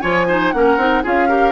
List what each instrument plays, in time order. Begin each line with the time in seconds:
0.00 bassoon F3, clarinet F4, oboe C#5, flute G#5
0.27 clarinet D#4, oboe C5
0.51 bassoon A#3, clarinet C#4, oboe A#4, flute F#5
0.77 bassoon C4, clarinet D#4
1.03 bassoon C#4, clarinet F4, oboe G#4, flute F5
1.28 clarinet G4, oboe A#4